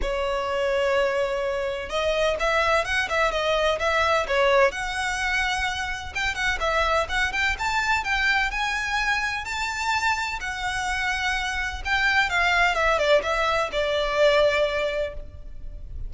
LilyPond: \new Staff \with { instrumentName = "violin" } { \time 4/4 \tempo 4 = 127 cis''1 | dis''4 e''4 fis''8 e''8 dis''4 | e''4 cis''4 fis''2~ | fis''4 g''8 fis''8 e''4 fis''8 g''8 |
a''4 g''4 gis''2 | a''2 fis''2~ | fis''4 g''4 f''4 e''8 d''8 | e''4 d''2. | }